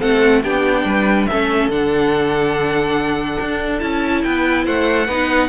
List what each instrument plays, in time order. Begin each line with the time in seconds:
0.00 cello A3, viola C4, violin A4 F#5
0.43 cello B3, viola D4, violin G4 G5
0.85 cello G3, violin B4
1.26 viola C#4, violin A4 E5
1.33 cello A3
1.68 cello D3, viola D4, violin F#5
3.41 cello D4
3.80 cello C#4, viola E4, violin A5
4.23 cello B3, violin B4 G5
4.65 cello A3, violin C5 F#5
5.07 cello B3, viola D#4, violin B4